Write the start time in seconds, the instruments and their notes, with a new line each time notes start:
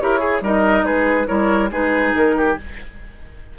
0.00 bassoon E4, clarinet G4, oboe A#4, flute C#5
0.19 clarinet G#4, oboe G#4
0.41 bassoon G3, clarinet D#4, oboe A#4, flute D#5
0.84 bassoon G#3, oboe G#4, flute B4
1.26 bassoon G3, clarinet E4, oboe A#4, flute C#5
1.71 bassoon G#3, clarinet D#4, oboe G#4, flute B4
2.14 bassoon D#3, flute A#4
2.38 oboe G4